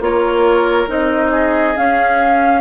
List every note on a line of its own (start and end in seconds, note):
0.00 0.87 A#3
0.00 0.87 F4
0.00 1.31 A#4
0.00 0.89 C#5
0.87 1.76 C4
0.87 1.74 D#4
0.87 1.77 D#5
1.31 2.61 G#4
1.76 2.61 C#4
1.76 2.61 F5